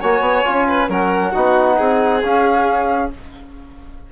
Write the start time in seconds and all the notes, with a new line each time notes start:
0.00 A#3 F#4 C#5 G#5
0.20 B3
0.44 C#4 F4
0.67 B4
0.89 F#3 C#4 A#4 F#5
1.31 B3 D#4 F#4
1.77 C4 G#4
2.22 C#4 F5